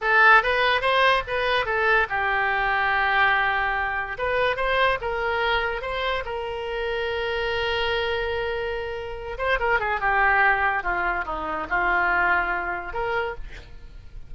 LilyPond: \new Staff \with { instrumentName = "oboe" } { \time 4/4 \tempo 4 = 144 a'4 b'4 c''4 b'4 | a'4 g'2.~ | g'2 b'4 c''4 | ais'2 c''4 ais'4~ |
ais'1~ | ais'2~ ais'8 c''8 ais'8 gis'8 | g'2 f'4 dis'4 | f'2. ais'4 | }